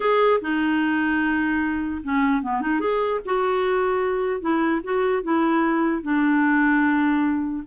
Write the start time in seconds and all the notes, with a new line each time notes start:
0.00 G#4
0.41 D#4
2.03 C#4
2.42 B3
2.61 D#4
2.80 G#4
3.25 F#4
4.40 E4
4.83 F#4
5.22 E4
6.02 D4